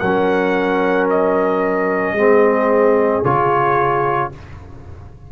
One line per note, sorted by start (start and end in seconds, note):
0.00 2.13 F#3
0.00 2.18 C#4
0.00 2.15 A#4
0.00 1.07 F#5
1.10 3.25 D#5
2.13 3.20 G#3
2.13 3.25 C4
2.13 4.31 G#4
3.25 4.32 C#3
3.25 4.32 F4
3.25 4.32 C#5